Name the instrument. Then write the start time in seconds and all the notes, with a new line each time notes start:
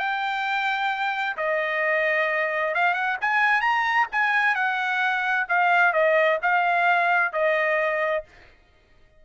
trumpet
0.00 G5
1.38 D#5
2.75 F5
2.95 F#5
3.21 G#5
3.61 A#5
4.12 G#5
4.56 F#5
5.49 F5
5.94 D#5
6.43 F5
7.33 D#5